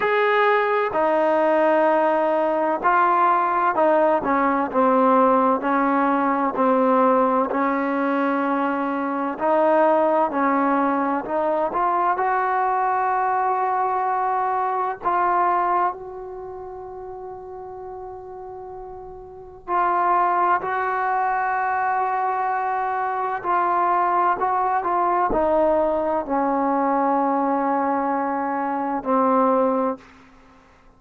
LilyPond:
\new Staff \with { instrumentName = "trombone" } { \time 4/4 \tempo 4 = 64 gis'4 dis'2 f'4 | dis'8 cis'8 c'4 cis'4 c'4 | cis'2 dis'4 cis'4 | dis'8 f'8 fis'2. |
f'4 fis'2.~ | fis'4 f'4 fis'2~ | fis'4 f'4 fis'8 f'8 dis'4 | cis'2. c'4 | }